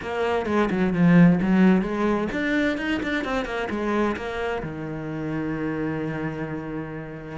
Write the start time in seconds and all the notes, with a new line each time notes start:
0.02 A#3
0.46 G#3
0.70 F#3
0.93 F3
1.42 F#3
1.81 G#3
2.31 D4
2.77 D#4
3.02 D4
3.24 C4
3.45 A#3
3.69 G#3
4.16 A#3
4.62 D#3